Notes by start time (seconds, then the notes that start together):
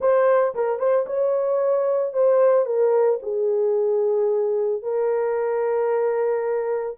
0.00 C5
0.55 A#4
0.79 C5
1.06 C#5
2.13 C5
2.65 A#4
3.22 G#4
4.82 A#4